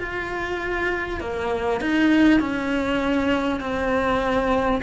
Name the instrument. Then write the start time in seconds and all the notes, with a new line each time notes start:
cello
0.00 F4
1.21 A#3
1.81 D#4
2.40 C#4
3.61 C4